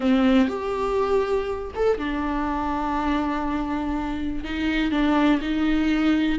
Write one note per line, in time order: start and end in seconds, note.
0.00 0.48 C4
0.48 1.71 G4
1.75 1.98 A4
1.98 4.44 D4
4.44 4.91 D#4
4.91 5.40 D4
5.41 6.39 D#4